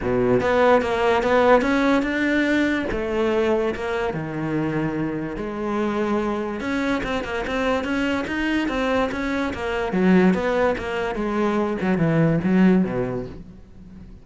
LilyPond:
\new Staff \with { instrumentName = "cello" } { \time 4/4 \tempo 4 = 145 b,4 b4 ais4 b4 | cis'4 d'2 a4~ | a4 ais4 dis2~ | dis4 gis2. |
cis'4 c'8 ais8 c'4 cis'4 | dis'4 c'4 cis'4 ais4 | fis4 b4 ais4 gis4~ | gis8 fis8 e4 fis4 b,4 | }